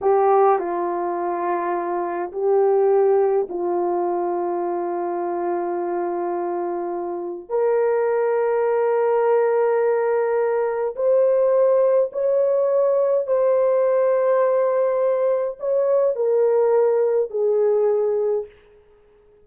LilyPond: \new Staff \with { instrumentName = "horn" } { \time 4/4 \tempo 4 = 104 g'4 f'2. | g'2 f'2~ | f'1~ | f'4 ais'2.~ |
ais'2. c''4~ | c''4 cis''2 c''4~ | c''2. cis''4 | ais'2 gis'2 | }